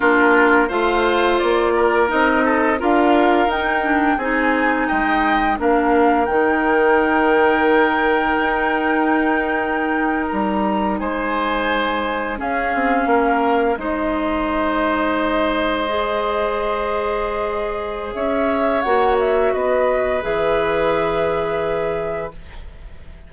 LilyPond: <<
  \new Staff \with { instrumentName = "flute" } { \time 4/4 \tempo 4 = 86 ais'4 f''4 d''4 dis''4 | f''4 g''4 gis''4 g''4 | f''4 g''2.~ | g''2~ g''8. ais''4 gis''16~ |
gis''4.~ gis''16 f''2 dis''16~ | dis''1~ | dis''2 e''4 fis''8 e''8 | dis''4 e''2. | }
  \new Staff \with { instrumentName = "oboe" } { \time 4/4 f'4 c''4. ais'4 a'8 | ais'2 gis'4 dis''4 | ais'1~ | ais'2.~ ais'8. c''16~ |
c''4.~ c''16 gis'4 ais'4 c''16~ | c''1~ | c''2 cis''2 | b'1 | }
  \new Staff \with { instrumentName = "clarinet" } { \time 4/4 d'4 f'2 dis'4 | f'4 dis'8 d'8 dis'2 | d'4 dis'2.~ | dis'1~ |
dis'4.~ dis'16 cis'2 dis'16~ | dis'2~ dis'8. gis'4~ gis'16~ | gis'2. fis'4~ | fis'4 gis'2. | }
  \new Staff \with { instrumentName = "bassoon" } { \time 4/4 ais4 a4 ais4 c'4 | d'4 dis'4 c'4 gis4 | ais4 dis2. | dis'2~ dis'8. g4 gis16~ |
gis4.~ gis16 cis'8 c'8 ais4 gis16~ | gis1~ | gis2 cis'4 ais4 | b4 e2. | }
>>